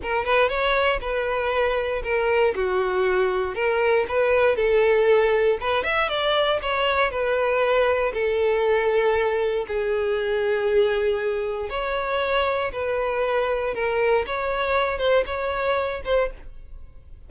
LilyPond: \new Staff \with { instrumentName = "violin" } { \time 4/4 \tempo 4 = 118 ais'8 b'8 cis''4 b'2 | ais'4 fis'2 ais'4 | b'4 a'2 b'8 e''8 | d''4 cis''4 b'2 |
a'2. gis'4~ | gis'2. cis''4~ | cis''4 b'2 ais'4 | cis''4. c''8 cis''4. c''8 | }